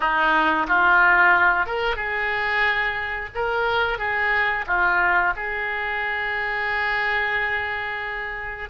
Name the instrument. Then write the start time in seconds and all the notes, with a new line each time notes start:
oboe
0.00 D#4
0.68 F4
1.66 A#4
1.96 G#4
3.35 A#4
3.98 G#4
4.66 F4
5.35 G#4